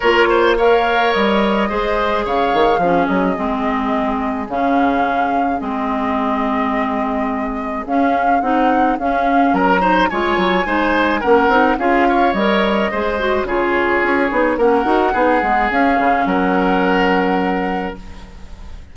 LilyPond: <<
  \new Staff \with { instrumentName = "flute" } { \time 4/4 \tempo 4 = 107 cis''4 f''4 dis''2 | f''4. dis''2~ dis''8 | f''2 dis''2~ | dis''2 f''4 fis''4 |
f''4 ais''4 gis''2 | fis''4 f''4 dis''2 | cis''2 fis''2 | f''4 fis''2. | }
  \new Staff \with { instrumentName = "oboe" } { \time 4/4 ais'8 c''8 cis''2 c''4 | cis''4 gis'2.~ | gis'1~ | gis'1~ |
gis'4 ais'8 c''8 cis''4 c''4 | ais'4 gis'8 cis''4. c''4 | gis'2 ais'4 gis'4~ | gis'4 ais'2. | }
  \new Staff \with { instrumentName = "clarinet" } { \time 4/4 f'4 ais'2 gis'4~ | gis'4 cis'4 c'2 | cis'2 c'2~ | c'2 cis'4 dis'4 |
cis'4. dis'8 f'4 dis'4 | cis'8 dis'8 f'4 ais'4 gis'8 fis'8 | f'4. dis'8 cis'8 fis'8 dis'8 b8 | cis'1 | }
  \new Staff \with { instrumentName = "bassoon" } { \time 4/4 ais2 g4 gis4 | cis8 dis8 f8 fis8 gis2 | cis2 gis2~ | gis2 cis'4 c'4 |
cis'4 fis4 gis8 fis8 gis4 | ais8 c'8 cis'4 g4 gis4 | cis4 cis'8 b8 ais8 dis'8 b8 gis8 | cis'8 cis8 fis2. | }
>>